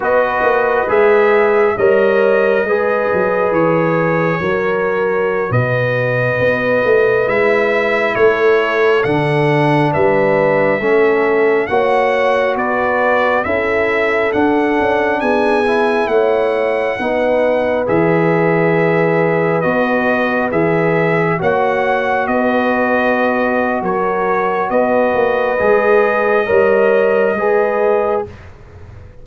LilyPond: <<
  \new Staff \with { instrumentName = "trumpet" } { \time 4/4 \tempo 4 = 68 dis''4 e''4 dis''2 | cis''2~ cis''16 dis''4.~ dis''16~ | dis''16 e''4 cis''4 fis''4 e''8.~ | e''4~ e''16 fis''4 d''4 e''8.~ |
e''16 fis''4 gis''4 fis''4.~ fis''16~ | fis''16 e''2 dis''4 e''8.~ | e''16 fis''4 dis''4.~ dis''16 cis''4 | dis''1 | }
  \new Staff \with { instrumentName = "horn" } { \time 4/4 b'2 cis''4 b'4~ | b'4 ais'4~ ais'16 b'4.~ b'16~ | b'4~ b'16 a'2 b'8.~ | b'16 a'4 cis''4 b'4 a'8.~ |
a'4~ a'16 gis'4 cis''4 b'8.~ | b'1~ | b'16 cis''4 b'4.~ b'16 ais'4 | b'2 cis''4 b'4 | }
  \new Staff \with { instrumentName = "trombone" } { \time 4/4 fis'4 gis'4 ais'4 gis'4~ | gis'4 fis'2.~ | fis'16 e'2 d'4.~ d'16~ | d'16 cis'4 fis'2 e'8.~ |
e'16 d'4. e'4. dis'8.~ | dis'16 gis'2 fis'4 gis'8.~ | gis'16 fis'2.~ fis'8.~ | fis'4 gis'4 ais'4 gis'4 | }
  \new Staff \with { instrumentName = "tuba" } { \time 4/4 b8 ais8 gis4 g4 gis8 fis8 | e4 fis4~ fis16 b,4 b8 a16~ | a16 gis4 a4 d4 g8.~ | g16 a4 ais4 b4 cis'8.~ |
cis'16 d'8 cis'8 b4 a4 b8.~ | b16 e2 b4 e8.~ | e16 ais4 b4.~ b16 fis4 | b8 ais8 gis4 g4 gis4 | }
>>